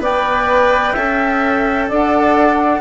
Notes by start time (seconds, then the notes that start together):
0.00 B3 B4 D5 G5
0.93 C#4 A4 E5
1.88 D4 D5 F#5